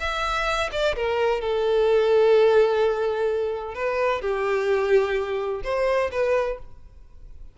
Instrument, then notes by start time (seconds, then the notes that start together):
violin
0.00 E5
0.72 D5
0.96 A#4
1.41 A4
3.75 B4
4.22 G4
5.64 C5
6.12 B4